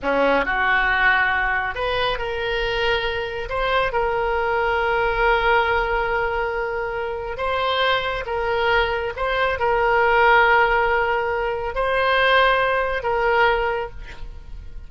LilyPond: \new Staff \with { instrumentName = "oboe" } { \time 4/4 \tempo 4 = 138 cis'4 fis'2. | b'4 ais'2. | c''4 ais'2.~ | ais'1~ |
ais'4 c''2 ais'4~ | ais'4 c''4 ais'2~ | ais'2. c''4~ | c''2 ais'2 | }